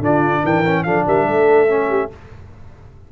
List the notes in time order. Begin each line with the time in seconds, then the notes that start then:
0.00 D3 D4 F4 D5
0.43 E3 A#4 G5
0.66 C#4
0.84 F3 D4 A4 F5
1.07 G3 A#4 E5
1.28 A3 A4
1.68 C#4
1.89 G4